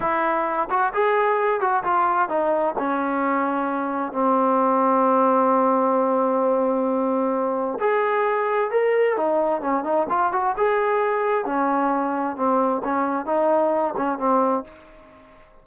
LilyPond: \new Staff \with { instrumentName = "trombone" } { \time 4/4 \tempo 4 = 131 e'4. fis'8 gis'4. fis'8 | f'4 dis'4 cis'2~ | cis'4 c'2.~ | c'1~ |
c'4 gis'2 ais'4 | dis'4 cis'8 dis'8 f'8 fis'8 gis'4~ | gis'4 cis'2 c'4 | cis'4 dis'4. cis'8 c'4 | }